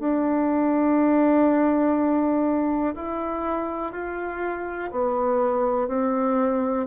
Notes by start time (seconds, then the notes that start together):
0.00 D4
2.96 E4
3.93 F4
4.91 B3
5.88 C4